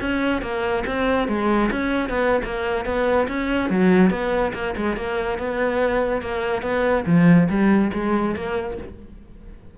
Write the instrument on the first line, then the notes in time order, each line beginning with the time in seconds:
cello
0.00 C#4
0.41 A#3
0.86 C4
1.28 G#3
1.71 C#4
2.09 B3
2.44 A#3
2.85 B3
3.27 C#4
3.70 F#3
4.10 B3
4.53 A#3
4.76 G#3
4.96 A#3
5.38 B3
6.21 A#3
6.62 B3
7.06 F3
7.49 G3
7.93 G#3
8.35 A#3